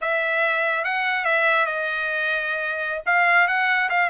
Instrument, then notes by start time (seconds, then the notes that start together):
trumpet
0.01 E5
0.84 F#5
1.25 E5
1.66 D#5
3.06 F5
3.47 F#5
3.89 F5